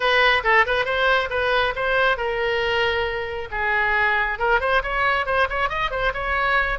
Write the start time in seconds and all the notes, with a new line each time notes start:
0.00 B4
0.43 A4
0.66 B4
0.85 C5
1.30 B4
1.75 C5
2.17 A#4
3.51 G#4
4.39 A#4
4.60 C5
4.83 C#5
5.26 C5
5.49 C#5
5.69 D#5
5.90 C5
6.13 C#5